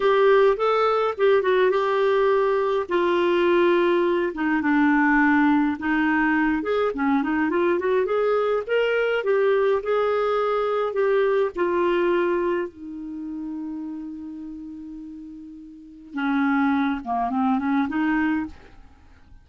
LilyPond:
\new Staff \with { instrumentName = "clarinet" } { \time 4/4 \tempo 4 = 104 g'4 a'4 g'8 fis'8 g'4~ | g'4 f'2~ f'8 dis'8 | d'2 dis'4. gis'8 | cis'8 dis'8 f'8 fis'8 gis'4 ais'4 |
g'4 gis'2 g'4 | f'2 dis'2~ | dis'1 | cis'4. ais8 c'8 cis'8 dis'4 | }